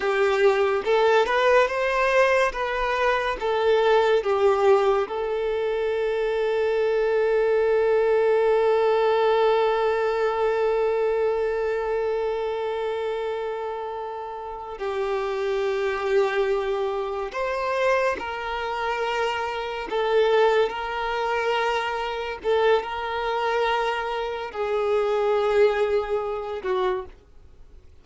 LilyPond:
\new Staff \with { instrumentName = "violin" } { \time 4/4 \tempo 4 = 71 g'4 a'8 b'8 c''4 b'4 | a'4 g'4 a'2~ | a'1~ | a'1~ |
a'4. g'2~ g'8~ | g'8 c''4 ais'2 a'8~ | a'8 ais'2 a'8 ais'4~ | ais'4 gis'2~ gis'8 fis'8 | }